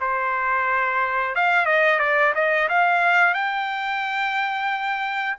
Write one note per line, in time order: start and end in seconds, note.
0.00 1.35 C5
1.35 1.65 F5
1.65 1.99 D#5
1.99 2.33 D5
2.34 2.68 D#5
2.68 3.34 F5
3.34 5.36 G5